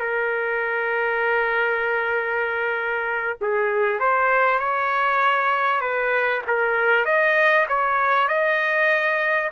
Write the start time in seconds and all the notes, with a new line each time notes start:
0.00 A#4
3.41 G#4
4.00 C5
4.59 C#5
5.81 B4
6.47 A#4
7.05 D#5
7.69 C#5
8.28 D#5